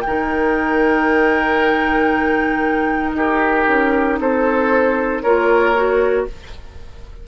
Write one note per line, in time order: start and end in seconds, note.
0.00 3.10 G5
0.06 3.14 D#3
0.06 5.24 D#4
0.06 3.16 A#4
3.14 3.65 D#4
3.14 4.19 G4
3.14 4.20 A#4
3.67 4.19 C#4
4.19 5.22 C4
4.19 5.22 A4
4.19 5.22 C5
5.22 6.27 A#3
5.22 5.75 F4
5.22 6.26 A#4
5.22 6.25 C#5
5.75 6.27 F#4